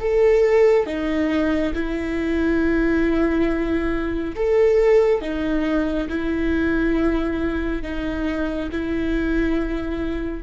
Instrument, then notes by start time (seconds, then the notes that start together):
viola
0.00 A4
0.86 D#4
1.74 E4
4.36 A4
5.21 D#4
6.09 E4
7.83 D#4
8.72 E4